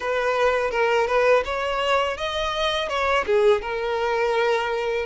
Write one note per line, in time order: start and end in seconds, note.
0.00 0.70 B4
0.70 1.06 A#4
1.07 1.43 B4
1.45 2.17 C#5
2.17 2.88 D#5
2.88 3.24 C#5
3.26 3.61 G#4
3.61 5.06 A#4